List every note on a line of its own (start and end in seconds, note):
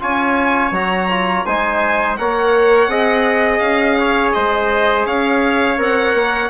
0.00 0.71 C#4
0.00 0.72 F4
0.00 1.46 C#5
0.00 0.74 G#5
0.71 1.43 F#3
0.71 1.09 F#4
0.71 1.45 A#5
1.09 1.46 F4
1.45 2.19 G#3
1.45 2.18 D#4
1.45 2.18 C5
1.45 2.16 G#5
2.16 2.87 A#3
2.16 2.89 A#4
2.16 2.90 C#5
2.16 3.58 F#5
2.87 3.59 C4
2.87 5.77 G#4
2.87 3.98 D#5
3.58 4.32 C#4
3.58 4.31 F5
3.99 4.35 C#5
4.33 5.05 G#3
4.33 5.06 C5
4.33 5.05 D#5
5.05 5.78 C#4
5.05 6.50 C#5
5.05 5.79 F5
5.77 6.14 C4
5.77 6.50 A#4
5.77 6.50 F#5
6.14 6.50 A#3